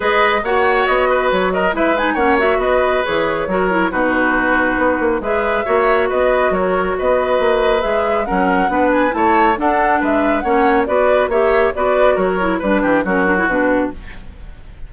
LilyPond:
<<
  \new Staff \with { instrumentName = "flute" } { \time 4/4 \tempo 4 = 138 dis''4 fis''4 dis''4 cis''8 dis''8 | e''8 gis''8 fis''8 e''8 dis''4 cis''4~ | cis''4 b'2. | e''2 dis''4 cis''4 |
dis''2 e''4 fis''4~ | fis''8 gis''8 a''4 fis''4 e''4 | fis''4 d''4 e''4 d''4 | cis''4 b'4 ais'4 b'4 | }
  \new Staff \with { instrumentName = "oboe" } { \time 4/4 b'4 cis''4. b'4 ais'8 | b'4 cis''4 b'2 | ais'4 fis'2. | b'4 cis''4 b'4 ais'4 |
b'2. ais'4 | b'4 cis''4 a'4 b'4 | cis''4 b'4 cis''4 b'4 | ais'4 b'8 g'8 fis'2 | }
  \new Staff \with { instrumentName = "clarinet" } { \time 4/4 gis'4 fis'2. | e'8 dis'8 cis'8 fis'4. gis'4 | fis'8 e'8 dis'2. | gis'4 fis'2.~ |
fis'2 gis'4 cis'4 | d'4 e'4 d'2 | cis'4 fis'4 g'4 fis'4~ | fis'8 e'8 d'4 cis'8 d'16 e'16 d'4 | }
  \new Staff \with { instrumentName = "bassoon" } { \time 4/4 gis4 ais4 b4 fis4 | gis4 ais4 b4 e4 | fis4 b,2 b8 ais8 | gis4 ais4 b4 fis4 |
b4 ais4 gis4 fis4 | b4 a4 d'4 gis4 | ais4 b4 ais4 b4 | fis4 g8 e8 fis4 b,4 | }
>>